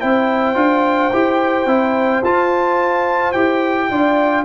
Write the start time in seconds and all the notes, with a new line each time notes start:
0.00 C4 E4 C5 G5
0.55 D4 F4
1.13 E4 G4
1.66 C4 E4
2.23 F4 A5
3.32 E4 G4 G5
3.91 D4 F4 D5